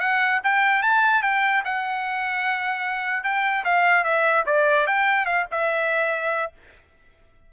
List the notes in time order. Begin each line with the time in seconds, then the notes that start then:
0.00 F#5
0.44 G5
0.82 A5
1.23 G5
1.65 F#5
3.24 G5
3.64 F5
4.04 E5
4.46 D5
4.87 G5
5.26 F5
5.51 E5